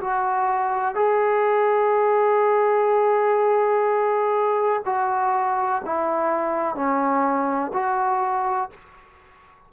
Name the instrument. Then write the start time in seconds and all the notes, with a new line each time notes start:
trombone
0.00 F#4
0.95 G#4
4.85 F#4
5.85 E4
6.75 C#4
7.73 F#4